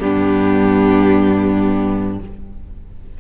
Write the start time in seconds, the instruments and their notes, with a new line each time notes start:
0.00 cello G2, viola B3, violin D4 G4